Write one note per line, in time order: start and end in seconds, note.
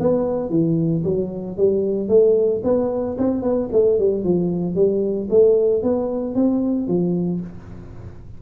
0.00 0.49 B3
0.49 1.03 E3
1.04 1.57 F#3
1.57 2.08 G3
2.08 2.61 A3
2.64 3.17 B3
3.18 3.42 C4
3.42 3.69 B3
3.72 3.99 A3
3.99 4.24 G3
4.24 4.75 F3
4.75 5.28 G3
5.30 5.83 A3
5.83 6.35 B3
6.35 6.87 C4
6.87 7.40 F3